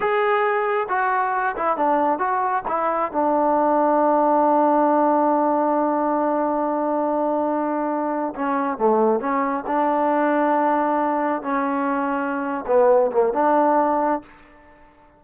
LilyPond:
\new Staff \with { instrumentName = "trombone" } { \time 4/4 \tempo 4 = 135 gis'2 fis'4. e'8 | d'4 fis'4 e'4 d'4~ | d'1~ | d'1~ |
d'2~ d'8. cis'4 a16~ | a8. cis'4 d'2~ d'16~ | d'4.~ d'16 cis'2~ cis'16~ | cis'8 b4 ais8 d'2 | }